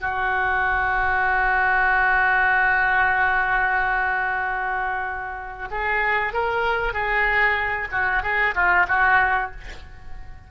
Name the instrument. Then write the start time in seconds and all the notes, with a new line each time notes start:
oboe
0.00 F#4
5.71 G#4
6.34 A#4
6.94 G#4
7.92 F#4
8.23 G#4
8.55 F4
8.88 F#4